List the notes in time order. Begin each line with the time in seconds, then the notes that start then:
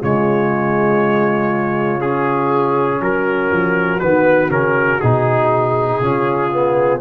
0.00 C#3 G#3 F4 C#5
2.01 C#4 G#4
3.01 F#3 F#4 A#4
3.52 F3
4.00 D#3 B3 B4
4.50 C#3 C#4 A#4
5.01 B2 D#4 G#4
6.01 C#3 C#4 F4
6.52 B3